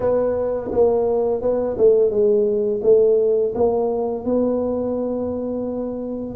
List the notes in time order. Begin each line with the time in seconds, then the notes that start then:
0.00 B3
0.71 A#3
1.41 B3
1.77 A3
2.10 G#3
2.83 A3
3.54 A#3
4.24 B3